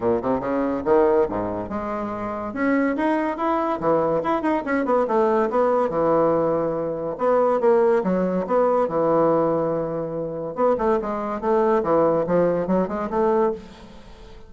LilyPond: \new Staff \with { instrumentName = "bassoon" } { \time 4/4 \tempo 4 = 142 ais,8 c8 cis4 dis4 gis,4 | gis2 cis'4 dis'4 | e'4 e4 e'8 dis'8 cis'8 b8 | a4 b4 e2~ |
e4 b4 ais4 fis4 | b4 e2.~ | e4 b8 a8 gis4 a4 | e4 f4 fis8 gis8 a4 | }